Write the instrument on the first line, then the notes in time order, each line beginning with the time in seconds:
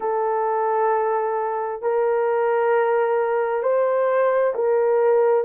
horn
0.00 A4
1.82 A#4
3.62 C5
4.55 A#4